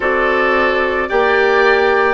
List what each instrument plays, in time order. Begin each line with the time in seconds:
0.00 bassoon C4, clarinet F#4, oboe A4, flute D5
1.08 bassoon A#3, clarinet G4, oboe D5, flute G5